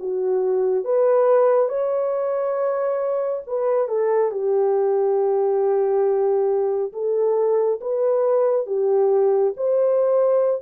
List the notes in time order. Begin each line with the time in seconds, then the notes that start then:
0.00 F#4
0.85 B4
1.69 C#5
3.47 B4
3.89 A4
4.32 G4
6.93 A4
7.81 B4
8.67 G4
9.57 C5